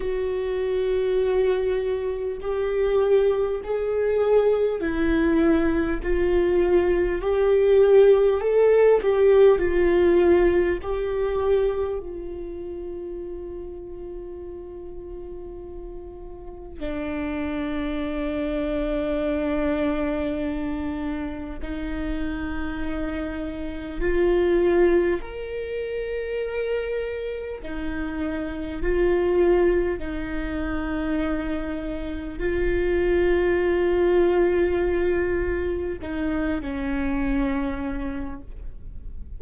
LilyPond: \new Staff \with { instrumentName = "viola" } { \time 4/4 \tempo 4 = 50 fis'2 g'4 gis'4 | e'4 f'4 g'4 a'8 g'8 | f'4 g'4 f'2~ | f'2 d'2~ |
d'2 dis'2 | f'4 ais'2 dis'4 | f'4 dis'2 f'4~ | f'2 dis'8 cis'4. | }